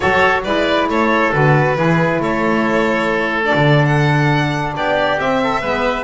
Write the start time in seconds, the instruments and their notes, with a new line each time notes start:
0.00 double bass F#3, saxophone F#4, oboe A4, violin C#5
0.44 double bass G#3, saxophone E4, oboe B4, violin D5
0.88 double bass A3, oboe A4, violin C#5
1.32 double bass D3, saxophone F#4, violin B4
1.76 double bass E3, saxophone E4, oboe G#4
2.19 double bass A3, oboe A4, violin C#5
3.42 saxophone D4, violin D5
3.54 double bass D3
3.85 violin F#5
4.76 double bass B3, oboe G4, violin D5
5.18 saxophone C4, double bass C4, violin E5
5.43 oboe A4
5.61 double bass G#3, saxophone B3, oboe B4